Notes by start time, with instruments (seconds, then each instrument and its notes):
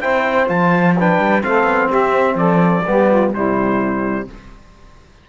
0.00 cello C4, trombone E4, saxophone C5, trumpet G5
0.47 cello F3, trombone F4, trumpet A5
0.97 trombone D4, saxophone B4, trumpet G5
1.18 cello G3
1.41 cello A3, trombone C4, saxophone A4, trumpet F5
1.63 cello B3
1.87 saxophone G4, trumpet E5
1.94 cello C4
2.34 cello F3, saxophone A4, trumpet D5
2.86 cello G3, trombone B3, saxophone G4
3.08 saxophone F4
3.32 cello C3, trombone G3, saxophone E4, trumpet C5